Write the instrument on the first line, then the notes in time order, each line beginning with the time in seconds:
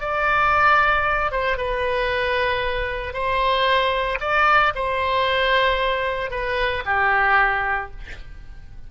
oboe
0.00 D5
1.31 C5
1.57 B4
3.13 C5
4.20 D5
4.75 C5
6.30 B4
6.85 G4